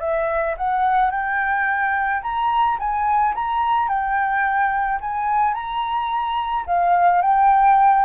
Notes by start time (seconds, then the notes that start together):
0.00 E5
0.57 F#5
1.11 G5
2.22 A#5
2.79 G#5
3.35 A#5
3.88 G5
5.01 G#5
5.54 A#5
6.66 F5
7.22 G5